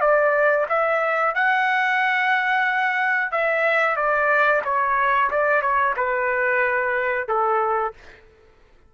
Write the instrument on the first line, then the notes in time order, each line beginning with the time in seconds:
trumpet
0.00 D5
0.69 E5
1.34 F#5
3.31 E5
3.96 D5
4.64 C#5
5.30 D5
5.61 C#5
5.96 B4
7.28 A4